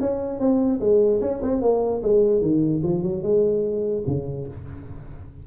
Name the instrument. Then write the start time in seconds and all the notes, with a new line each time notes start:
tuba
0.00 C#4
0.39 C4
0.80 G#3
1.21 C#4
1.42 C4
1.61 A#3
2.02 G#3
2.41 D#3
2.83 F3
3.02 F#3
3.22 G#3
4.06 C#3